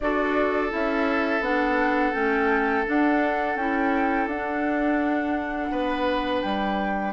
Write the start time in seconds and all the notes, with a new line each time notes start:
0.00 D4 F#4 A4 D5
0.70 C#4 E4 E5
1.40 B3 D4 F#5
2.13 A3 C#4 G5
2.85 D4 F#5
3.55 C#4 E4 G5
4.26 D4 F#5
5.71 B3 B4
6.41 G3 G5